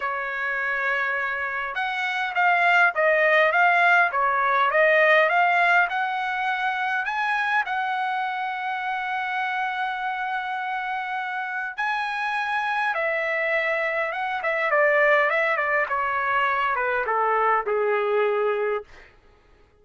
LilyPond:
\new Staff \with { instrumentName = "trumpet" } { \time 4/4 \tempo 4 = 102 cis''2. fis''4 | f''4 dis''4 f''4 cis''4 | dis''4 f''4 fis''2 | gis''4 fis''2.~ |
fis''1 | gis''2 e''2 | fis''8 e''8 d''4 e''8 d''8 cis''4~ | cis''8 b'8 a'4 gis'2 | }